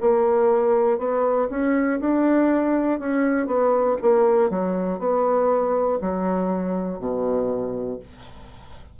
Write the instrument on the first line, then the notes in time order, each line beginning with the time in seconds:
bassoon
0.00 A#3
0.98 B3
1.50 C#4
2.00 D4
2.99 C#4
3.46 B3
4.02 A#3
4.49 F#3
4.99 B3
6.01 F#3
6.99 B2